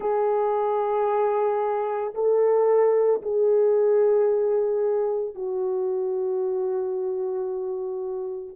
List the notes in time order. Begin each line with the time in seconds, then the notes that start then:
0.00 G#4
2.14 A4
3.21 G#4
5.34 F#4